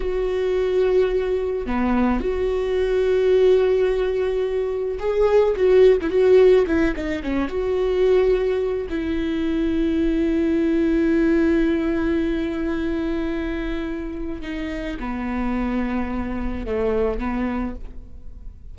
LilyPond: \new Staff \with { instrumentName = "viola" } { \time 4/4 \tempo 4 = 108 fis'2. b4 | fis'1~ | fis'4 gis'4 fis'8. e'16 fis'4 | e'8 dis'8 cis'8 fis'2~ fis'8 |
e'1~ | e'1~ | e'2 dis'4 b4~ | b2 a4 b4 | }